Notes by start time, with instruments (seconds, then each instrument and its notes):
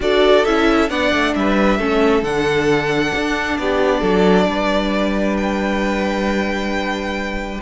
0.00 cello D4, viola F#4, violin A4 D5
0.44 cello C#4, viola E4, violin E5
0.89 cello B3, viola D4, violin D5 F#5
1.12 cello A3
1.35 cello G3, violin B4 E5
1.77 cello A3, viola C#4, violin A4
2.22 cello D3, viola D4, violin F#5
3.15 cello D4
3.57 cello B3, violin G4 D5
4.00 cello F#3, violin A4
4.46 cello G3, violin B4
5.37 violin G5